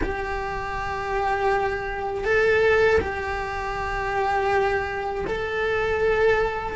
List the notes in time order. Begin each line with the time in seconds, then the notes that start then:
0.02 G4
2.24 A4
3.00 G4
5.26 A4